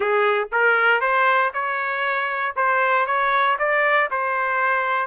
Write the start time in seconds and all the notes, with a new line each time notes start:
0.00 G#4
0.52 A#4
1.00 C5
1.53 C#5
2.55 C5
3.06 C#5
3.58 D5
4.10 C5